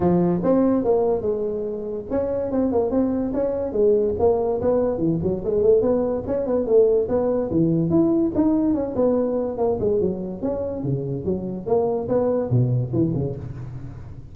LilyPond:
\new Staff \with { instrumentName = "tuba" } { \time 4/4 \tempo 4 = 144 f4 c'4 ais4 gis4~ | gis4 cis'4 c'8 ais8 c'4 | cis'4 gis4 ais4 b4 | e8 fis8 gis8 a8 b4 cis'8 b8 |
a4 b4 e4 e'4 | dis'4 cis'8 b4. ais8 gis8 | fis4 cis'4 cis4 fis4 | ais4 b4 b,4 e8 cis8 | }